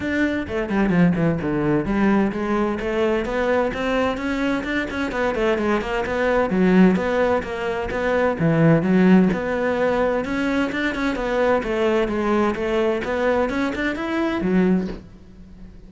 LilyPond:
\new Staff \with { instrumentName = "cello" } { \time 4/4 \tempo 4 = 129 d'4 a8 g8 f8 e8 d4 | g4 gis4 a4 b4 | c'4 cis'4 d'8 cis'8 b8 a8 | gis8 ais8 b4 fis4 b4 |
ais4 b4 e4 fis4 | b2 cis'4 d'8 cis'8 | b4 a4 gis4 a4 | b4 cis'8 d'8 e'4 fis4 | }